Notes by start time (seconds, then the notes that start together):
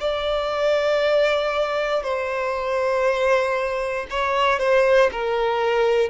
0.00 D5
2.03 C5
4.10 C#5
4.59 C5
5.12 A#4